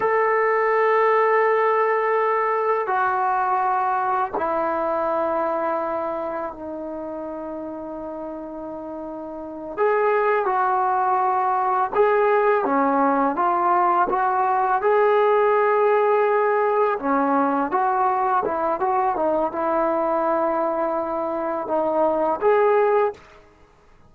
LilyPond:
\new Staff \with { instrumentName = "trombone" } { \time 4/4 \tempo 4 = 83 a'1 | fis'2 e'2~ | e'4 dis'2.~ | dis'4. gis'4 fis'4.~ |
fis'8 gis'4 cis'4 f'4 fis'8~ | fis'8 gis'2. cis'8~ | cis'8 fis'4 e'8 fis'8 dis'8 e'4~ | e'2 dis'4 gis'4 | }